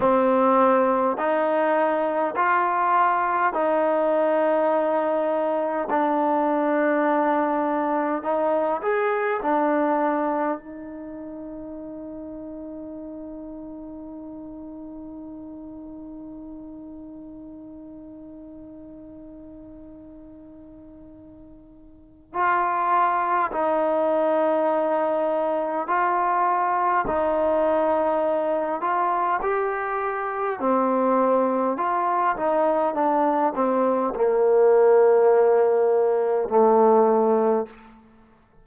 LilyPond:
\new Staff \with { instrumentName = "trombone" } { \time 4/4 \tempo 4 = 51 c'4 dis'4 f'4 dis'4~ | dis'4 d'2 dis'8 gis'8 | d'4 dis'2.~ | dis'1~ |
dis'2. f'4 | dis'2 f'4 dis'4~ | dis'8 f'8 g'4 c'4 f'8 dis'8 | d'8 c'8 ais2 a4 | }